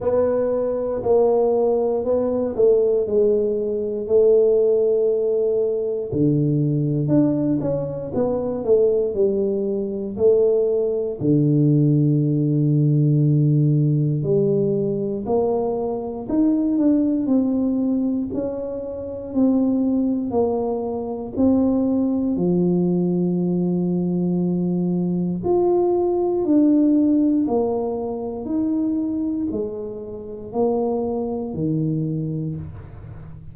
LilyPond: \new Staff \with { instrumentName = "tuba" } { \time 4/4 \tempo 4 = 59 b4 ais4 b8 a8 gis4 | a2 d4 d'8 cis'8 | b8 a8 g4 a4 d4~ | d2 g4 ais4 |
dis'8 d'8 c'4 cis'4 c'4 | ais4 c'4 f2~ | f4 f'4 d'4 ais4 | dis'4 gis4 ais4 dis4 | }